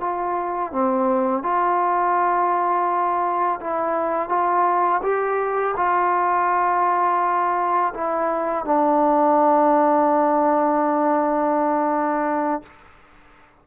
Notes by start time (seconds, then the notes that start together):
0.00 F4
0.72 C4
1.43 F4
3.60 E4
4.29 F4
5.02 G4
5.76 F4
7.94 E4
8.65 D4